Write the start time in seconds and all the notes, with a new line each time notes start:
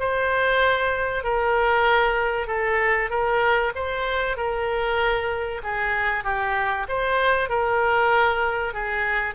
0.00 C5
1.24 A#4
2.47 A4
3.10 A#4
3.75 C5
4.37 A#4
5.63 G#4
6.24 G4
6.89 C5
7.49 A#4
8.74 G#4